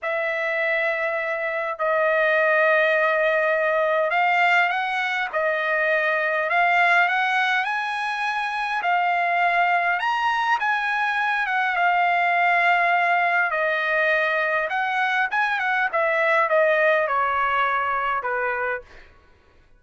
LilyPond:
\new Staff \with { instrumentName = "trumpet" } { \time 4/4 \tempo 4 = 102 e''2. dis''4~ | dis''2. f''4 | fis''4 dis''2 f''4 | fis''4 gis''2 f''4~ |
f''4 ais''4 gis''4. fis''8 | f''2. dis''4~ | dis''4 fis''4 gis''8 fis''8 e''4 | dis''4 cis''2 b'4 | }